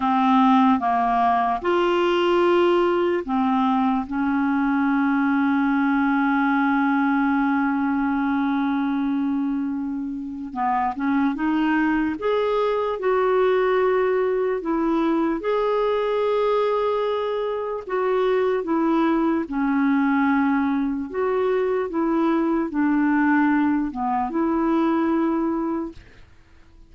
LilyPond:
\new Staff \with { instrumentName = "clarinet" } { \time 4/4 \tempo 4 = 74 c'4 ais4 f'2 | c'4 cis'2.~ | cis'1~ | cis'4 b8 cis'8 dis'4 gis'4 |
fis'2 e'4 gis'4~ | gis'2 fis'4 e'4 | cis'2 fis'4 e'4 | d'4. b8 e'2 | }